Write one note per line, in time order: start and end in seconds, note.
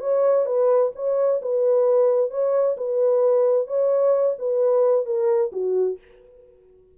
0.00 0.45 C#5
0.45 0.91 B4
0.95 1.41 C#5
1.41 2.30 B4
2.30 2.76 C#5
2.77 3.67 B4
3.67 4.36 C#5
4.38 5.05 B4
5.05 5.51 A#4
5.52 5.98 F#4